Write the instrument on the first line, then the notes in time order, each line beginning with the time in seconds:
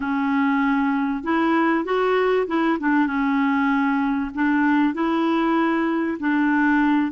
clarinet
0.00 C#4
1.23 E4
1.84 F#4
2.47 E4
2.79 D4
3.06 C#4
4.34 D4
4.93 E4
6.19 D4